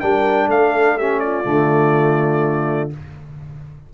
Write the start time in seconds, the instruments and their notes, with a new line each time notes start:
0.00 tuba G3, trombone D4, horn A#4, trumpet G5
0.47 tuba A3, horn A4, trumpet F5
0.98 trombone C#4, horn G4, trumpet E5
1.20 horn F4, trumpet D5
1.44 tuba D3, trombone A3